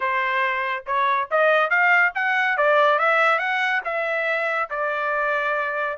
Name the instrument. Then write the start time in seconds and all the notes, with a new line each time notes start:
trumpet
0.00 C5
0.86 C#5
1.30 D#5
1.69 F5
2.14 F#5
2.57 D5
2.98 E5
3.38 F#5
3.84 E5
4.70 D5